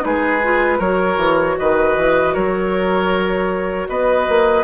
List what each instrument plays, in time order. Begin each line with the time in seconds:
0.00 bassoon G#3, clarinet D#4, oboe G#4, flute B4
0.44 clarinet F4
0.78 bassoon F#3, clarinet F#4, oboe A#4, flute C#5
1.17 bassoon E3
1.58 bassoon D#3, oboe B4, flute D#5
1.97 bassoon E3
2.34 bassoon F#3, oboe A#4, flute C#5
3.89 bassoon B3, oboe B4, flute D#5
4.29 bassoon A#3